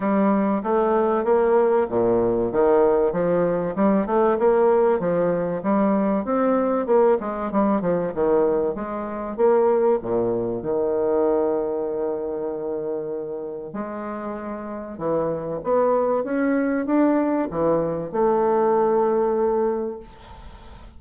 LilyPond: \new Staff \with { instrumentName = "bassoon" } { \time 4/4 \tempo 4 = 96 g4 a4 ais4 ais,4 | dis4 f4 g8 a8 ais4 | f4 g4 c'4 ais8 gis8 | g8 f8 dis4 gis4 ais4 |
ais,4 dis2.~ | dis2 gis2 | e4 b4 cis'4 d'4 | e4 a2. | }